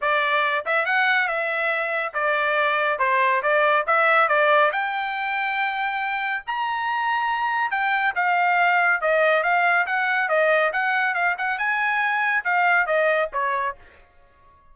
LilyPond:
\new Staff \with { instrumentName = "trumpet" } { \time 4/4 \tempo 4 = 140 d''4. e''8 fis''4 e''4~ | e''4 d''2 c''4 | d''4 e''4 d''4 g''4~ | g''2. ais''4~ |
ais''2 g''4 f''4~ | f''4 dis''4 f''4 fis''4 | dis''4 fis''4 f''8 fis''8 gis''4~ | gis''4 f''4 dis''4 cis''4 | }